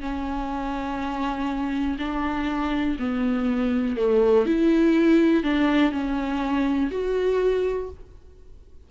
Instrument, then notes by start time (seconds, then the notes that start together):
viola
0.00 C#4
1.99 D4
2.99 B3
3.96 A3
4.45 E4
5.43 D4
5.92 C#4
6.91 F#4